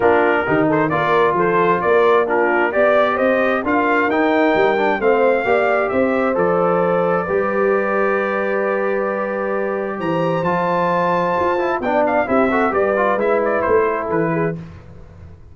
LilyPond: <<
  \new Staff \with { instrumentName = "trumpet" } { \time 4/4 \tempo 4 = 132 ais'4. c''8 d''4 c''4 | d''4 ais'4 d''4 dis''4 | f''4 g''2 f''4~ | f''4 e''4 d''2~ |
d''1~ | d''2 ais''4 a''4~ | a''2 g''8 f''8 e''4 | d''4 e''8 d''8 c''4 b'4 | }
  \new Staff \with { instrumentName = "horn" } { \time 4/4 f'4 g'8 a'8 ais'4 a'4 | ais'4 f'4 d''4 c''4 | ais'2. c''4 | d''4 c''2. |
b'1~ | b'2 c''2~ | c''2 d''4 g'8 a'8 | b'2~ b'8 a'4 gis'8 | }
  \new Staff \with { instrumentName = "trombone" } { \time 4/4 d'4 dis'4 f'2~ | f'4 d'4 g'2 | f'4 dis'4. d'8 c'4 | g'2 a'2 |
g'1~ | g'2. f'4~ | f'4. e'8 d'4 e'8 fis'8 | g'8 f'8 e'2. | }
  \new Staff \with { instrumentName = "tuba" } { \time 4/4 ais4 dis4 ais4 f4 | ais2 b4 c'4 | d'4 dis'4 g4 a4 | ais4 c'4 f2 |
g1~ | g2 e4 f4~ | f4 f'4 b4 c'4 | g4 gis4 a4 e4 | }
>>